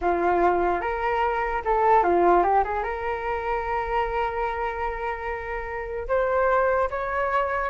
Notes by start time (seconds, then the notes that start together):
0.01 F4
0.80 A#4
1.64 A4
2.03 F4
2.43 G4
2.64 G#4
2.83 A#4
6.08 C5
6.90 C#5